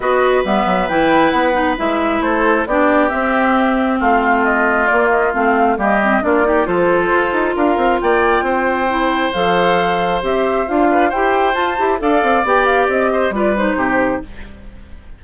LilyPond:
<<
  \new Staff \with { instrumentName = "flute" } { \time 4/4 \tempo 4 = 135 dis''4 e''4 g''4 fis''4 | e''4 c''4 d''4 e''4~ | e''4 f''4 dis''4 d''8 dis''8 | f''4 dis''4 d''4 c''4~ |
c''4 f''4 g''2~ | g''4 f''2 e''4 | f''4 g''4 a''4 f''4 | g''8 f''8 dis''4 d''8 c''4. | }
  \new Staff \with { instrumentName = "oboe" } { \time 4/4 b'1~ | b'4 a'4 g'2~ | g'4 f'2.~ | f'4 g'4 f'8 g'8 a'4~ |
a'4 ais'4 d''4 c''4~ | c''1~ | c''8 b'8 c''2 d''4~ | d''4. c''8 b'4 g'4 | }
  \new Staff \with { instrumentName = "clarinet" } { \time 4/4 fis'4 b4 e'4. dis'8 | e'2 d'4 c'4~ | c'2. ais4 | c'4 ais8 c'8 d'8 dis'8 f'4~ |
f'1 | e'4 a'2 g'4 | f'4 g'4 f'8 g'8 a'4 | g'2 f'8 dis'4. | }
  \new Staff \with { instrumentName = "bassoon" } { \time 4/4 b4 g8 fis8 e4 b4 | gis4 a4 b4 c'4~ | c'4 a2 ais4 | a4 g4 ais4 f4 |
f'8 dis'8 d'8 c'8 ais4 c'4~ | c'4 f2 c'4 | d'4 e'4 f'8 e'8 d'8 c'8 | b4 c'4 g4 c4 | }
>>